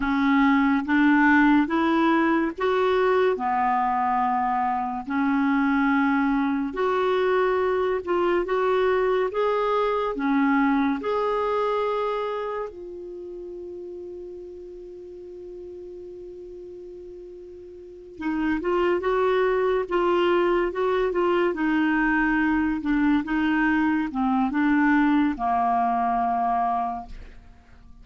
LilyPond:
\new Staff \with { instrumentName = "clarinet" } { \time 4/4 \tempo 4 = 71 cis'4 d'4 e'4 fis'4 | b2 cis'2 | fis'4. f'8 fis'4 gis'4 | cis'4 gis'2 f'4~ |
f'1~ | f'4. dis'8 f'8 fis'4 f'8~ | f'8 fis'8 f'8 dis'4. d'8 dis'8~ | dis'8 c'8 d'4 ais2 | }